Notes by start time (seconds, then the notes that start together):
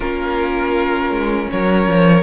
0.00 A#3 C#4 F4 A#4
1.10 G#3
1.50 F#3 A#4 C#5
1.87 F3